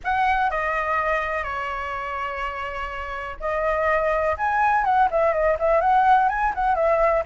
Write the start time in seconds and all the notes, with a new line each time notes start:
0.04 F#5
0.50 D#5
1.43 C#5
3.39 D#5
4.37 G#5
4.84 F#5
5.10 E5
5.33 D#5
5.59 E5
5.80 F#5
6.29 G#5
6.55 F#5
6.75 E5